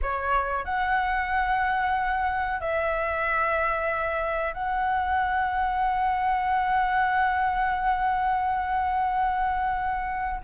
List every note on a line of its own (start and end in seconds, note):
0.01 0.65 C#5
0.65 2.60 F#5
2.60 4.53 E5
4.53 10.40 F#5